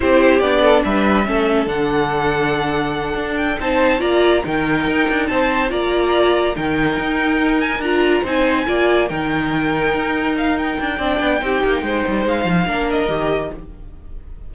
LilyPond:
<<
  \new Staff \with { instrumentName = "violin" } { \time 4/4 \tempo 4 = 142 c''4 d''4 e''2 | fis''1 | g''8 a''4 ais''4 g''4.~ | g''8 a''4 ais''2 g''8~ |
g''2 gis''8 ais''4 gis''8~ | gis''4. g''2~ g''8~ | g''8 f''8 g''2.~ | g''4 f''4. dis''4. | }
  \new Staff \with { instrumentName = "violin" } { \time 4/4 g'4. a'8 b'4 a'4~ | a'1~ | a'8 c''4 d''4 ais'4.~ | ais'8 c''4 d''2 ais'8~ |
ais'2.~ ais'8 c''8~ | c''8 d''4 ais'2~ ais'8~ | ais'2 d''4 g'4 | c''2 ais'2 | }
  \new Staff \with { instrumentName = "viola" } { \time 4/4 e'4 d'2 cis'4 | d'1~ | d'8 dis'4 f'4 dis'4.~ | dis'4. f'2 dis'8~ |
dis'2~ dis'8 f'4 dis'8~ | dis'8 f'4 dis'2~ dis'8~ | dis'2 d'4 dis'4~ | dis'2 d'4 g'4 | }
  \new Staff \with { instrumentName = "cello" } { \time 4/4 c'4 b4 g4 a4 | d2.~ d8 d'8~ | d'8 c'4 ais4 dis4 dis'8 | d'8 c'4 ais2 dis8~ |
dis8 dis'2 d'4 c'8~ | c'8 ais4 dis2 dis'8~ | dis'4. d'8 c'8 b8 c'8 ais8 | gis8 g8 gis8 f8 ais4 dis4 | }
>>